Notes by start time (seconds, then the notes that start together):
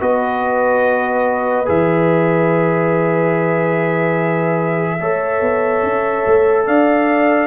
0.00 B3 F#4 B4 D#5
1.66 E3 G#4 E5
5.00 A3 A4 C#5
5.41 B3
5.83 C#4
6.27 A3
6.67 D4 D5 F5